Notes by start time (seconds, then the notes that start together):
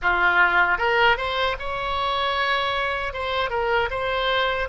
0.01 F4
0.78 A#4
1.17 C5
1.59 C#5
3.13 C5
3.50 A#4
3.90 C5